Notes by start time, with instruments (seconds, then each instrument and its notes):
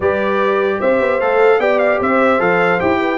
0.00 tuba G3, trombone G4, horn B4, trumpet D5
0.80 tuba C4, horn C5, trumpet E5
1.00 tuba B3
1.20 tuba A3, trombone A4, trumpet F5
1.58 tuba B3, trombone G4, horn D5, trumpet G5
1.78 trumpet F5
1.99 tuba C4, horn C5, trumpet E5
2.39 tuba F3, trombone A4, trumpet F5
2.79 tuba E4, trombone G4, trumpet G5
3.00 horn B4